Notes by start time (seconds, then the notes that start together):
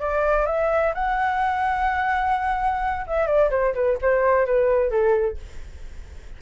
0.00 D5
0.46 E5
0.95 F#5
3.07 E5
3.27 D5
3.51 C5
3.75 B4
4.02 C5
4.46 B4
4.90 A4